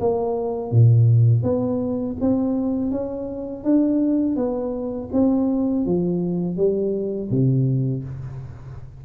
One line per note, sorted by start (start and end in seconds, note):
0.00 0.71 A#3
0.71 1.43 A#2
1.43 2.16 B3
2.21 2.91 C4
2.91 3.64 C#4
3.64 4.36 D4
4.36 5.10 B3
5.13 5.85 C4
5.85 6.57 F3
6.57 7.30 G3
7.31 8.04 C3